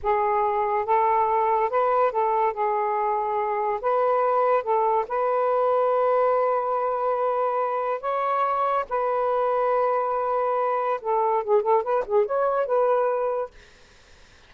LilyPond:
\new Staff \with { instrumentName = "saxophone" } { \time 4/4 \tempo 4 = 142 gis'2 a'2 | b'4 a'4 gis'2~ | gis'4 b'2 a'4 | b'1~ |
b'2. cis''4~ | cis''4 b'2.~ | b'2 a'4 gis'8 a'8 | b'8 gis'8 cis''4 b'2 | }